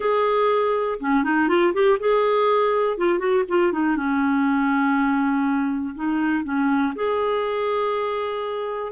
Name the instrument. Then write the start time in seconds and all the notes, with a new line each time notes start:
clarinet
0.00 G#4
0.99 C#4
1.23 D#4
1.48 F4
1.73 G4
1.99 G#4
2.97 F4
3.18 F#4
3.48 F4
3.72 D#4
3.96 C#4
5.95 D#4
6.44 C#4
6.95 G#4